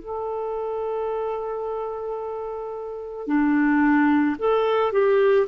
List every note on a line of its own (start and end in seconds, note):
0.00 3.27 A4
3.27 4.36 D4
4.39 4.92 A4
4.92 5.47 G4